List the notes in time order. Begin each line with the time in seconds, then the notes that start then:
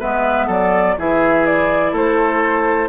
0.00 G#3 B3 B4 E5
0.47 F#3 A4 D5
0.98 E3 E4 G#4 E5
1.46 D5
1.93 A3 A4 C5